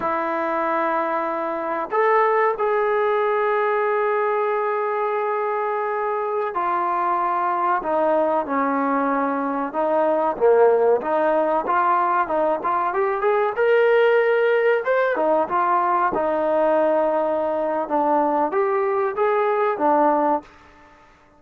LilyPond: \new Staff \with { instrumentName = "trombone" } { \time 4/4 \tempo 4 = 94 e'2. a'4 | gis'1~ | gis'2~ gis'16 f'4.~ f'16~ | f'16 dis'4 cis'2 dis'8.~ |
dis'16 ais4 dis'4 f'4 dis'8 f'16~ | f'16 g'8 gis'8 ais'2 c''8 dis'16~ | dis'16 f'4 dis'2~ dis'8. | d'4 g'4 gis'4 d'4 | }